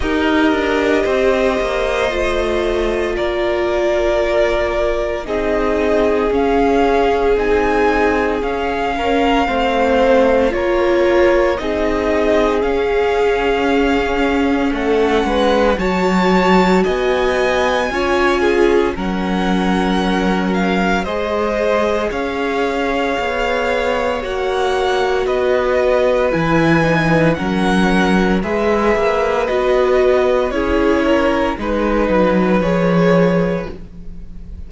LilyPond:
<<
  \new Staff \with { instrumentName = "violin" } { \time 4/4 \tempo 4 = 57 dis''2. d''4~ | d''4 dis''4 f''4 gis''4 | f''2 cis''4 dis''4 | f''2 fis''4 a''4 |
gis''2 fis''4. f''8 | dis''4 f''2 fis''4 | dis''4 gis''4 fis''4 e''4 | dis''4 cis''4 b'4 cis''4 | }
  \new Staff \with { instrumentName = "violin" } { \time 4/4 ais'4 c''2 ais'4~ | ais'4 gis'2.~ | gis'8 ais'8 c''4 ais'4 gis'4~ | gis'2 a'8 b'8 cis''4 |
dis''4 cis''8 gis'8 ais'2 | c''4 cis''2. | b'2 ais'4 b'4~ | b'4 gis'8 ais'8 b'2 | }
  \new Staff \with { instrumentName = "viola" } { \time 4/4 g'2 f'2~ | f'4 dis'4 cis'4 dis'4 | cis'4 c'4 f'4 dis'4 | cis'2. fis'4~ |
fis'4 f'4 cis'2 | gis'2. fis'4~ | fis'4 e'8 dis'8 cis'4 gis'4 | fis'4 e'4 dis'4 gis'4 | }
  \new Staff \with { instrumentName = "cello" } { \time 4/4 dis'8 d'8 c'8 ais8 a4 ais4~ | ais4 c'4 cis'4 c'4 | cis'4 a4 ais4 c'4 | cis'2 a8 gis8 fis4 |
b4 cis'4 fis2 | gis4 cis'4 b4 ais4 | b4 e4 fis4 gis8 ais8 | b4 cis'4 gis8 fis8 f4 | }
>>